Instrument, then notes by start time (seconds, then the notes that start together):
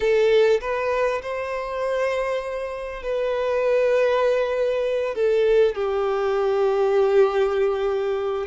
violin
0.00 A4
0.61 B4
1.21 C5
3.02 B4
5.14 A4
5.75 G4